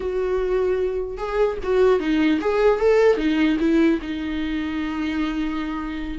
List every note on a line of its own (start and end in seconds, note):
0.00 1.17 F#4
1.17 1.57 G#4
1.63 1.99 F#4
1.99 2.39 D#4
2.41 2.80 G#4
2.80 3.17 A4
3.17 3.57 D#4
3.59 3.99 E4
4.01 6.18 D#4